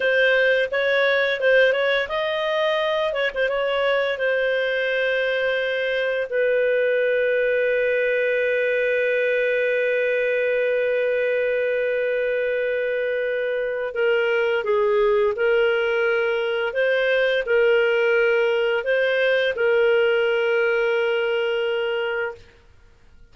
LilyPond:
\new Staff \with { instrumentName = "clarinet" } { \time 4/4 \tempo 4 = 86 c''4 cis''4 c''8 cis''8 dis''4~ | dis''8 cis''16 c''16 cis''4 c''2~ | c''4 b'2.~ | b'1~ |
b'1 | ais'4 gis'4 ais'2 | c''4 ais'2 c''4 | ais'1 | }